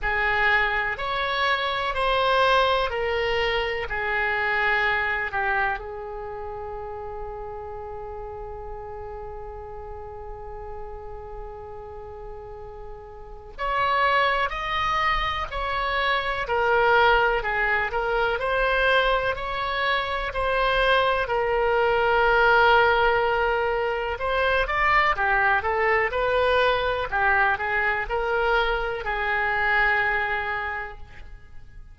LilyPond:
\new Staff \with { instrumentName = "oboe" } { \time 4/4 \tempo 4 = 62 gis'4 cis''4 c''4 ais'4 | gis'4. g'8 gis'2~ | gis'1~ | gis'2 cis''4 dis''4 |
cis''4 ais'4 gis'8 ais'8 c''4 | cis''4 c''4 ais'2~ | ais'4 c''8 d''8 g'8 a'8 b'4 | g'8 gis'8 ais'4 gis'2 | }